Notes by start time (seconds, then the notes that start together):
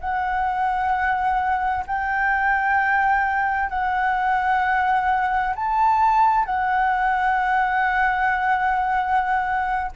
0.00 F#5
1.86 G5
3.69 F#5
5.55 A5
6.45 F#5